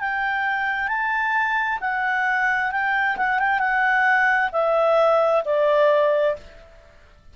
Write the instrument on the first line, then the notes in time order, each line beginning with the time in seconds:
clarinet
0.00 G5
0.88 A5
1.81 F#5
2.71 G5
3.17 F#5
3.39 G5
3.60 F#5
4.52 E5
5.45 D5